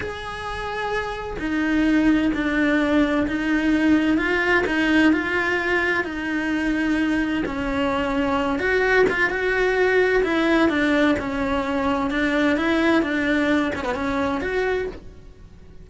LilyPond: \new Staff \with { instrumentName = "cello" } { \time 4/4 \tempo 4 = 129 gis'2. dis'4~ | dis'4 d'2 dis'4~ | dis'4 f'4 dis'4 f'4~ | f'4 dis'2. |
cis'2~ cis'8 fis'4 f'8 | fis'2 e'4 d'4 | cis'2 d'4 e'4 | d'4. cis'16 b16 cis'4 fis'4 | }